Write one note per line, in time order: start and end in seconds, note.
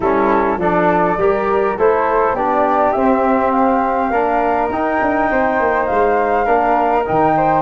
0.00 0.57 G3
0.00 0.60 C#4
0.00 0.57 E4
0.00 0.59 A4
0.57 1.16 F3
0.57 1.18 D4
0.57 1.19 A4
0.57 1.78 D5
1.16 1.75 G3
1.16 1.78 G4
1.16 1.77 A#4
1.77 2.33 A3
1.77 2.37 E4
1.77 2.35 A4
1.77 2.36 C5
2.33 2.91 B3
2.33 2.96 D4
2.33 4.11 G4
2.33 2.92 D5
2.92 4.10 C4
2.92 4.12 C4
2.92 3.50 E5
3.51 4.68 F5
4.10 4.69 A#3
4.10 4.71 D4
4.10 5.29 A#4
4.69 4.98 D#4
4.69 6.46 D#4
4.69 5.86 G5
5.01 5.30 D4
5.31 5.59 C4
5.31 6.45 C5
5.59 5.89 A#3
5.86 6.47 G#3
5.86 7.03 F5
6.45 7.06 A#3
6.45 7.04 D4
6.45 7.33 A#4
7.05 7.62 D#3
7.05 7.62 D#4
7.05 7.62 G5
7.37 7.62 C5